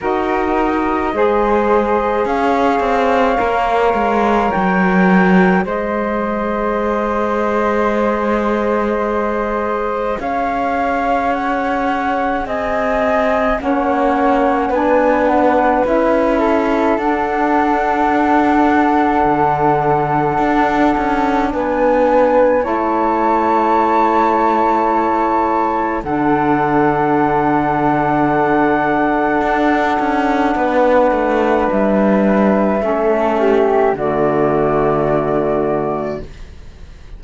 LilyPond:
<<
  \new Staff \with { instrumentName = "flute" } { \time 4/4 \tempo 4 = 53 dis''2 f''2 | g''4 dis''2.~ | dis''4 f''4 fis''4 gis''4 | fis''4 gis''8 fis''8 e''4 fis''4~ |
fis''2. gis''4 | a''2. fis''4~ | fis''1 | e''2 d''2 | }
  \new Staff \with { instrumentName = "flute" } { \time 4/4 ais'4 c''4 cis''2~ | cis''4 c''2.~ | c''4 cis''2 dis''4 | cis''4 b'4. a'4.~ |
a'2. b'4 | cis''2. a'4~ | a'2. b'4~ | b'4 a'8 g'8 fis'2 | }
  \new Staff \with { instrumentName = "saxophone" } { \time 4/4 fis'4 gis'2 ais'4~ | ais'4 gis'2.~ | gis'1 | cis'4 d'4 e'4 d'4~ |
d'1 | e'2. d'4~ | d'1~ | d'4 cis'4 a2 | }
  \new Staff \with { instrumentName = "cello" } { \time 4/4 dis'4 gis4 cis'8 c'8 ais8 gis8 | fis4 gis2.~ | gis4 cis'2 c'4 | ais4 b4 cis'4 d'4~ |
d'4 d4 d'8 cis'8 b4 | a2. d4~ | d2 d'8 cis'8 b8 a8 | g4 a4 d2 | }
>>